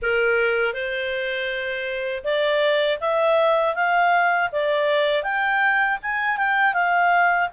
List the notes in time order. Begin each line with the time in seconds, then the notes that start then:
0.02 A#4
0.73 C5
2.23 D5
3.00 E5
3.75 F5
4.52 D5
5.23 G5
6.02 G#5
6.37 G5
6.73 F5